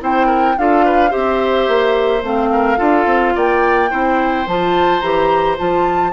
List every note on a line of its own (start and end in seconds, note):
0.00 0.57 C4
0.00 0.56 E4
0.00 0.27 C5
0.00 0.58 G5
0.27 0.54 A#4
0.58 1.13 D4
0.58 1.10 F4
0.58 0.85 A4
0.58 1.12 F5
0.85 1.10 B4
1.10 1.68 C4
1.10 2.21 G4
1.10 2.49 C5
1.10 2.23 E5
1.68 2.23 A#3
2.23 2.78 A3
2.23 2.77 C4
2.23 3.36 F5
2.52 2.78 A#4
2.77 3.06 D4
2.77 3.88 F4
2.77 3.34 A4
3.06 3.34 C4
3.35 3.92 A#3
3.35 3.90 D5
3.35 4.47 G5
3.90 4.47 C4
3.90 4.46 E4
3.90 6.12 C5
4.47 5.02 F3
4.47 5.02 F4
4.47 5.00 A5
5.00 5.57 E3
5.00 5.58 G4
5.00 5.56 A#5
5.58 6.12 F3
5.58 6.12 F4
5.58 6.12 A5